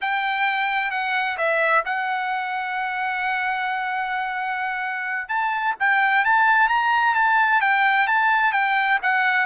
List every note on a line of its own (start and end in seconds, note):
0.01 0.91 G5
0.91 1.37 F#5
1.37 1.83 E5
1.85 5.28 F#5
5.28 5.74 A5
5.79 6.24 G5
6.24 6.68 A5
6.68 7.14 A#5
7.15 7.61 A5
7.61 8.07 G5
8.07 8.52 A5
8.52 8.98 G5
9.02 9.46 F#5